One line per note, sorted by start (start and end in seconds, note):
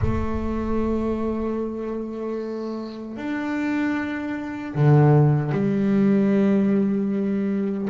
0.01 3.16 A3
3.16 4.74 D4
4.74 5.51 D3
5.51 7.88 G3